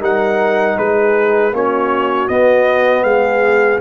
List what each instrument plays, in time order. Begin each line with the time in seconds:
0.00 tuba G3, trombone D#4, horn A#4, trumpet F#5
0.76 tuba G#3, horn G#4, trumpet B4
1.52 tuba A#3, trombone C#4, horn F#4, trumpet C#5
2.28 trombone B3, tuba B3, trumpet D#5
3.03 tuba G#3, horn G#4, trumpet F5